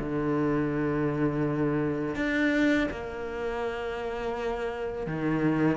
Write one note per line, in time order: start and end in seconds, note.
0.00 2.16 D3
2.16 2.88 D4
2.91 5.07 A#3
5.07 5.78 D#3